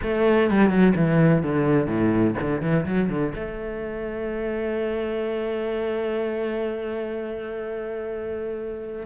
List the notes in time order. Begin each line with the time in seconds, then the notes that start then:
0.03 A3
0.50 G3
0.69 F#3
0.95 E3
1.42 D3
1.87 A2
2.40 D3
2.61 E3
2.85 F#3
3.09 D3
3.35 A3